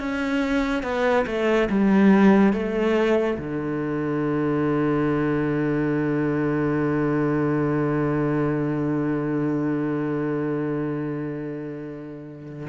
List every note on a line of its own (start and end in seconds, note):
0.00 0.83 C#4
0.83 1.25 B3
1.27 1.69 A3
1.70 2.53 G3
2.53 3.38 A3
3.38 12.68 D3